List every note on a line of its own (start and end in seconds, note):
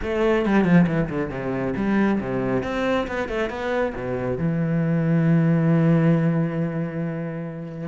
0.02 0.45 A3
0.45 0.64 G3
0.64 0.86 F3
0.87 1.09 E3
1.09 1.30 D3
1.30 1.74 C3
1.76 2.19 G3
2.20 2.63 C3
2.63 3.07 C4
3.07 3.28 B3
3.28 3.49 A3
3.49 3.93 B3
3.95 4.38 B2
4.38 7.88 E3